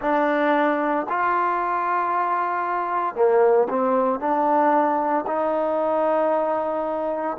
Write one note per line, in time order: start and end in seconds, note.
0.01 1.06 D4
1.09 3.15 F4
3.15 3.67 A#3
3.68 4.19 C4
4.19 5.24 D4
5.26 7.37 D#4